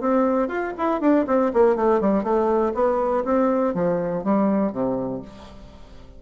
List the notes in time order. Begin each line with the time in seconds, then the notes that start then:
0.00 C4
0.48 F4
0.78 E4
1.01 D4
1.27 C4
1.53 A#3
1.76 A3
2.00 G3
2.23 A3
2.74 B3
3.24 C4
3.74 F3
4.24 G3
4.72 C3